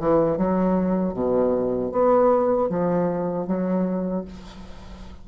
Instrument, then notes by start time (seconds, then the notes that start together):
bassoon
0.00 E3
0.38 F#3
1.14 B2
1.92 B3
2.70 F3
3.47 F#3